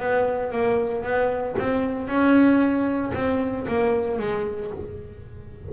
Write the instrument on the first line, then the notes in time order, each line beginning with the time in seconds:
double bass
0.00 B3
0.52 A#3
1.04 B3
1.59 C4
2.08 C#4
3.14 C4
3.68 A#3
4.19 G#3